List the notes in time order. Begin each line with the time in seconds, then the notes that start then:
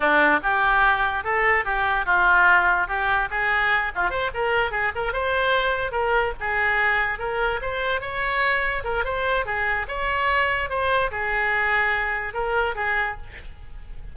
0.00 D4
0.43 G4
1.24 A4
1.64 G4
2.05 F4
2.87 G4
3.30 G#4
3.95 F4
4.09 C5
4.34 A#4
4.71 G#4
4.95 A#4
5.12 C5
5.91 A#4
6.39 G#4
7.18 A#4
7.61 C5
8.00 C#5
8.84 A#4
9.04 C5
9.45 G#4
9.88 C#5
10.69 C5
11.11 G#4
12.33 A#4
12.75 G#4